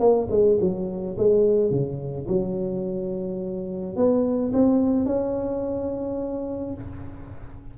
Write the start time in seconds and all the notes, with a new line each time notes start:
0.00 A#3
0.31 G#3
0.61 F#3
1.18 G#3
1.71 C#3
2.28 F#3
3.96 B3
4.53 C4
5.06 C#4